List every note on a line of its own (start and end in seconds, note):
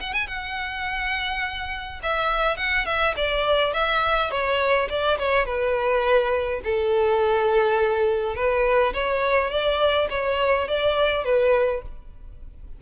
0.00 0.13 F#5
0.13 0.27 G#5
0.27 2.00 F#5
2.03 2.57 E5
2.57 2.86 F#5
2.86 3.14 E5
3.16 3.73 D5
3.73 4.31 E5
4.31 4.88 C#5
4.89 5.18 D5
5.18 5.45 C#5
5.45 6.61 B4
6.64 8.35 A4
8.35 8.93 B4
8.93 9.50 C#5
9.50 10.08 D5
10.10 10.68 C#5
10.68 11.24 D5
11.24 11.82 B4